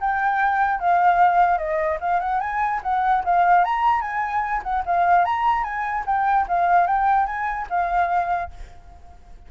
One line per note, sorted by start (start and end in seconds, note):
0.00 0.79 G5
0.79 1.58 F5
1.58 1.98 D#5
2.00 2.20 F5
2.20 2.40 F#5
2.40 2.80 G#5
2.82 3.23 F#5
3.24 3.64 F5
3.64 4.01 A#5
4.01 4.61 G#5
4.63 4.83 F#5
4.85 5.25 F5
5.25 5.63 A#5
5.63 6.04 G#5
6.06 6.46 G5
6.48 6.86 F5
6.86 7.26 G5
7.26 7.67 G#5
7.69 8.50 F5